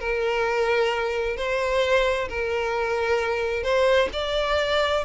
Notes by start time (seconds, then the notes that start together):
0.00 A#4
1.37 C5
2.29 A#4
3.63 C5
4.13 D5